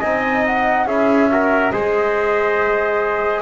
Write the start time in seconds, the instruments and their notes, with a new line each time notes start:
0.00 double bass C4, trombone D#4, trumpet D#5, flute G#5
0.46 flute F#5
0.86 double bass C#4, trombone E4, trumpet G#4, flute E5
1.31 trombone F#4, trumpet A#4
1.72 double bass G#3, trombone G#4, trumpet C5, flute D#5